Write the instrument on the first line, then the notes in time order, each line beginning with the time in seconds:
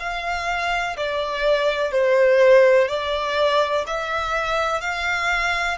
violin
0.00 F5
0.97 D5
1.92 C5
2.89 D5
3.87 E5
4.81 F5